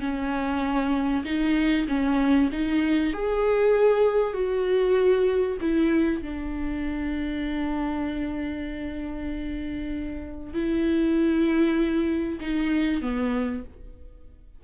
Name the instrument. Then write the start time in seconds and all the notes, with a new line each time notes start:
viola
0.00 C#4
1.25 D#4
1.88 C#4
2.52 D#4
3.13 G#4
4.33 F#4
5.60 E4
6.22 D4
10.53 E4
12.40 D#4
13.01 B3